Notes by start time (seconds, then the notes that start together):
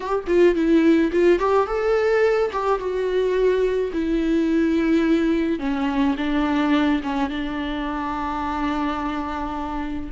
0.00 G4
0.27 F4
0.55 E4
1.12 F4
1.39 G4
1.67 A4
2.52 G4
2.79 F#4
3.92 E4
5.59 C#4
6.17 D4
7.03 C#4
7.29 D4